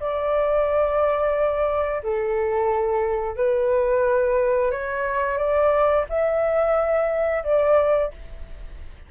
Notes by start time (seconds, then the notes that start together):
0.00 D5
2.03 A4
3.36 B4
4.71 C#5
5.38 D5
6.09 E5
7.44 D5